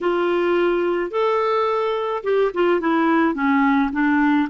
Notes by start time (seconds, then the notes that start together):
0.01 F4
1.11 A4
2.23 G4
2.54 F4
2.80 E4
3.34 C#4
3.92 D4